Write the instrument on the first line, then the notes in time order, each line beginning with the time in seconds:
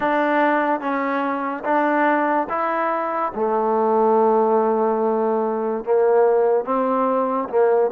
trombone
0.00 D4
0.80 C#4
1.64 D4
2.49 E4
3.34 A3
5.84 A#3
6.64 C4
7.48 A#3